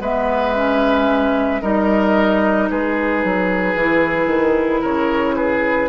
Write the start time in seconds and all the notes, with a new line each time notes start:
0.00 G#3 B3 B4 E5
0.55 C#4
1.61 G3 D#4 A#4 D#5
2.70 G#3 G#4 B4
3.24 F#3
3.75 E3 E4
4.26 D#3
4.81 C#3 A#4 C#5
5.36 G#4 B4